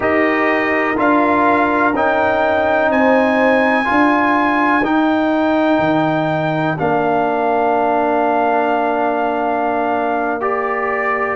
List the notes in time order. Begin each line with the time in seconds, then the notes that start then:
0.00 D#4 G4 A#4 D#5
0.97 D4 F4 F5
1.93 C#4 D#4 G5
2.89 C4 C5 G#5
3.84 F4 A#4
3.91 D4
4.81 D#4 G5
5.78 D#3
6.78 A#3 D4 F5
10.40 G4 D5